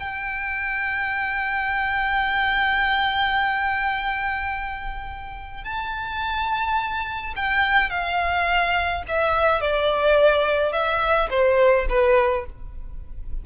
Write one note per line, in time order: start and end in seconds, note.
0.00 5.65 G5
5.65 7.35 A5
7.37 7.91 G5
7.91 9.04 F5
9.09 9.61 E5
9.61 10.73 D5
10.73 11.30 E5
11.30 11.87 C5
11.90 12.46 B4